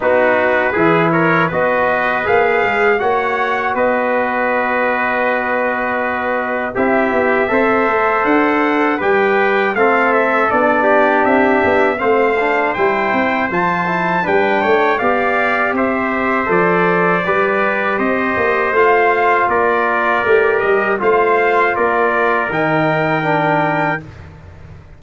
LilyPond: <<
  \new Staff \with { instrumentName = "trumpet" } { \time 4/4 \tempo 4 = 80 b'4. cis''8 dis''4 f''4 | fis''4 dis''2.~ | dis''4 e''2 fis''4 | g''4 f''8 e''8 d''4 e''4 |
f''4 g''4 a''4 g''4 | f''4 e''4 d''2 | dis''4 f''4 d''4. dis''8 | f''4 d''4 g''2 | }
  \new Staff \with { instrumentName = "trumpet" } { \time 4/4 fis'4 gis'8 ais'8 b'2 | cis''4 b'2.~ | b'4 g'4 c''2 | b'4 a'4. g'4. |
c''2. b'8 cis''8 | d''4 c''2 b'4 | c''2 ais'2 | c''4 ais'2. | }
  \new Staff \with { instrumentName = "trombone" } { \time 4/4 dis'4 e'4 fis'4 gis'4 | fis'1~ | fis'4 e'4 a'2 | g'4 c'4 d'2 |
c'8 d'8 e'4 f'8 e'8 d'4 | g'2 a'4 g'4~ | g'4 f'2 g'4 | f'2 dis'4 d'4 | }
  \new Staff \with { instrumentName = "tuba" } { \time 4/4 b4 e4 b4 ais8 gis8 | ais4 b2.~ | b4 c'8 b8 c'8 a8 d'4 | g4 a4 b4 c'8 b8 |
a4 g8 c'8 f4 g8 a8 | b4 c'4 f4 g4 | c'8 ais8 a4 ais4 a8 g8 | a4 ais4 dis2 | }
>>